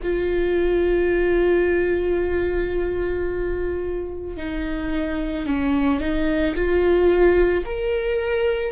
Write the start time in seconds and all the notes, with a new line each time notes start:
0.02 F4
4.36 D#4
5.45 C#4
6.00 D#4
6.55 F4
7.65 A#4